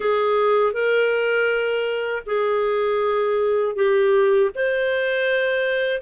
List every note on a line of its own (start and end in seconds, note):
0.00 0.73 G#4
0.73 2.23 A#4
2.26 3.75 G#4
3.75 4.50 G4
4.54 6.01 C5